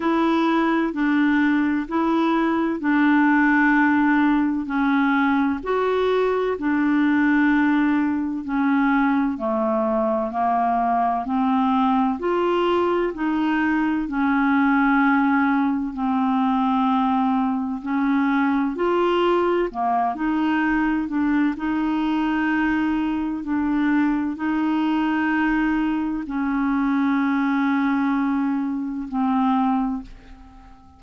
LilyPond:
\new Staff \with { instrumentName = "clarinet" } { \time 4/4 \tempo 4 = 64 e'4 d'4 e'4 d'4~ | d'4 cis'4 fis'4 d'4~ | d'4 cis'4 a4 ais4 | c'4 f'4 dis'4 cis'4~ |
cis'4 c'2 cis'4 | f'4 ais8 dis'4 d'8 dis'4~ | dis'4 d'4 dis'2 | cis'2. c'4 | }